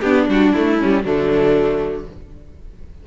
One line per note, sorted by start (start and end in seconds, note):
0.00 0.27 B3
0.00 0.29 B3
0.00 0.78 D4
0.00 0.25 G4
0.27 0.53 G3
0.27 0.55 D4
0.27 0.52 F#4
0.52 0.80 A3
0.52 0.83 A3
0.52 1.03 E4
0.79 1.03 G3
0.79 1.05 G3
0.79 1.04 C#4
1.03 2.07 D3
1.03 2.05 F#3
1.03 2.07 A3
1.03 2.06 D4